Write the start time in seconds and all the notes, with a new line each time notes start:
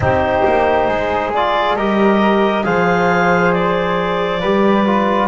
0.00 C4 D#4 G4 C5
0.45 A#3
0.87 G#3 G#4
1.34 F4 D5
1.76 G3 G4 A#4 D#5
2.63 F3 G#4 C5 F5
3.52 D5
4.40 G3 G4 B4
4.86 F4